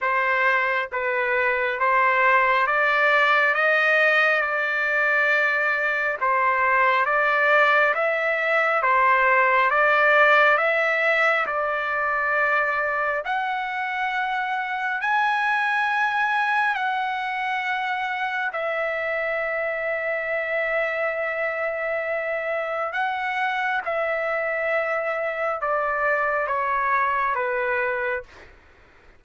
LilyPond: \new Staff \with { instrumentName = "trumpet" } { \time 4/4 \tempo 4 = 68 c''4 b'4 c''4 d''4 | dis''4 d''2 c''4 | d''4 e''4 c''4 d''4 | e''4 d''2 fis''4~ |
fis''4 gis''2 fis''4~ | fis''4 e''2.~ | e''2 fis''4 e''4~ | e''4 d''4 cis''4 b'4 | }